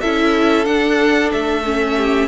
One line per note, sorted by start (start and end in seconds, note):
0.00 0.66 C#4
0.00 0.65 E4
0.00 1.96 A4
0.00 0.65 E5
0.65 1.62 D4
0.65 1.31 D4
0.65 1.30 F#5
1.31 2.28 A3
1.31 2.28 E5
1.64 2.28 C#4
1.96 2.28 G4